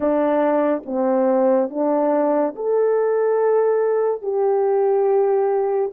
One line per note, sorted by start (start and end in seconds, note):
0.00 0.82 D4
0.85 1.70 C4
1.70 2.54 D4
2.55 4.22 A4
4.22 5.91 G4